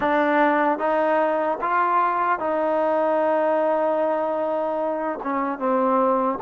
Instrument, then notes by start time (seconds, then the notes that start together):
trombone
0.00 D4
0.78 D#4
1.61 F4
2.39 D#4
5.23 C#4
5.58 C4